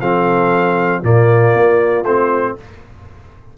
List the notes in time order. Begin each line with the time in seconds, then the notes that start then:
0.00 F3 C4 A4 F5
1.02 A#2 A#3 F4 D5
1.54 A#3
2.03 A3 C4 C5